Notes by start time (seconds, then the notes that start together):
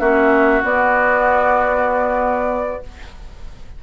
0.00 A#3 C#4 F#4 E5
0.63 B3 D5